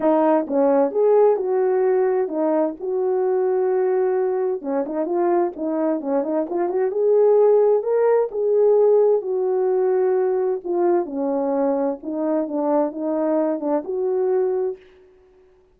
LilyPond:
\new Staff \with { instrumentName = "horn" } { \time 4/4 \tempo 4 = 130 dis'4 cis'4 gis'4 fis'4~ | fis'4 dis'4 fis'2~ | fis'2 cis'8 dis'8 f'4 | dis'4 cis'8 dis'8 f'8 fis'8 gis'4~ |
gis'4 ais'4 gis'2 | fis'2. f'4 | cis'2 dis'4 d'4 | dis'4. d'8 fis'2 | }